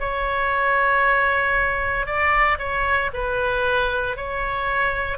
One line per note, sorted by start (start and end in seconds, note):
0.00 2.06 C#5
2.06 2.58 D5
2.59 3.11 C#5
3.14 4.17 B4
4.17 5.18 C#5